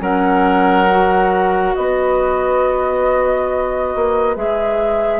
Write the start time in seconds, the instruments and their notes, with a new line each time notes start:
0.00 bassoon F#3, clarinet C#4, oboe A#4, flute F#5
0.90 clarinet F#4
1.75 bassoon B3, oboe B4, flute D#5
3.95 bassoon A#3
4.36 bassoon G#3, clarinet G#4, flute E5